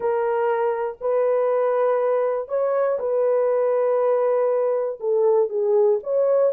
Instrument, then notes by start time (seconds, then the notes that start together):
horn
0.00 A#4
1.00 B4
2.48 C#5
2.99 B4
5.00 A4
5.49 G#4
6.03 C#5